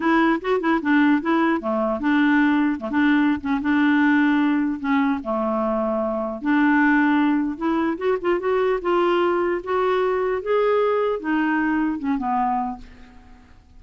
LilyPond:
\new Staff \with { instrumentName = "clarinet" } { \time 4/4 \tempo 4 = 150 e'4 fis'8 e'8 d'4 e'4 | a4 d'2 a16 d'8.~ | d'8 cis'8 d'2. | cis'4 a2. |
d'2. e'4 | fis'8 f'8 fis'4 f'2 | fis'2 gis'2 | dis'2 cis'8 b4. | }